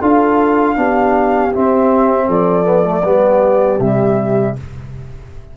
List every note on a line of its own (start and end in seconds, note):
0.00 0.77 D4
0.00 0.76 F4
0.00 0.76 A4
0.00 1.53 F5
0.76 1.53 B3
0.76 1.52 D4
0.76 2.27 G4
1.53 2.64 C4
1.53 2.28 C4
1.53 2.30 E5
2.27 3.04 F3
2.27 3.03 A4
2.27 3.80 D5
2.64 2.83 B3
2.83 3.02 A3
3.04 3.79 G3
3.04 3.80 B3
3.04 4.56 G4
3.79 4.55 C3
3.79 4.57 G3
3.79 4.56 E5